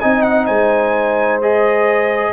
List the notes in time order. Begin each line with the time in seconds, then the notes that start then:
0.00 C4 D#4 D#5 G#5
0.22 F#5
0.46 G#3 C5 G#5
1.41 G#4 D#5